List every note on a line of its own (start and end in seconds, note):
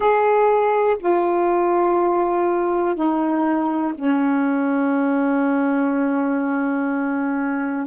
0.00 0.97 G#4
0.99 2.95 F4
2.95 3.93 D#4
3.94 7.87 C#4